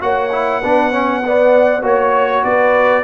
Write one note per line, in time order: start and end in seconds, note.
0.00 0.63 A#3
0.00 0.30 F#4
0.00 0.61 C#5
0.00 1.84 F#5
0.32 0.62 E4
0.61 1.82 B3
0.61 0.92 D4
0.61 0.90 B4
0.90 1.22 C#4
0.90 1.21 C#5
1.26 1.82 B3
1.26 1.83 D5
1.82 2.43 A#3
1.82 3.04 F#4
1.82 2.43 C#5
1.82 2.44 C#5
2.44 3.04 B3
2.44 3.04 B4
2.44 3.04 D5